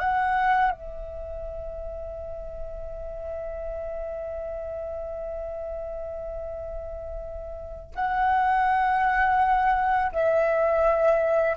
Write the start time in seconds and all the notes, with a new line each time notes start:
0.00 F#5
0.71 E5
7.96 F#5
10.12 E5